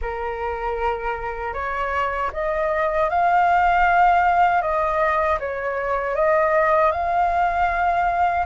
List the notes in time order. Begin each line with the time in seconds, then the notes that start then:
0.01 A#4
1.53 C#5
2.32 D#5
3.09 F5
4.61 D#5
5.39 C#5
6.15 D#5
6.91 F5